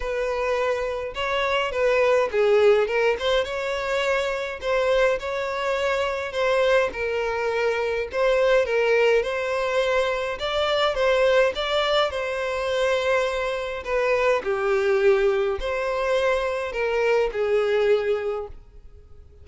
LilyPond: \new Staff \with { instrumentName = "violin" } { \time 4/4 \tempo 4 = 104 b'2 cis''4 b'4 | gis'4 ais'8 c''8 cis''2 | c''4 cis''2 c''4 | ais'2 c''4 ais'4 |
c''2 d''4 c''4 | d''4 c''2. | b'4 g'2 c''4~ | c''4 ais'4 gis'2 | }